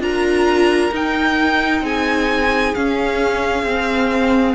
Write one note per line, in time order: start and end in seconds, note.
0.00 0.91 D4
0.00 0.91 F4
0.00 1.83 A#4
0.00 0.94 A#5
0.92 1.81 D#4
0.92 2.76 D#4
0.92 1.86 G5
1.81 2.72 C4
1.81 4.55 G#4
1.81 2.75 G#5
2.75 3.67 C#4
2.75 3.63 C#4
2.75 4.55 F5
3.63 4.54 C4
3.63 4.55 C4